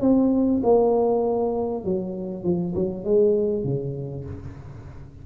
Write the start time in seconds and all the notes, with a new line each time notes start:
0.00 C4
0.63 A#3
1.84 F#3
2.43 F3
2.74 F#3
3.04 G#3
3.64 C#3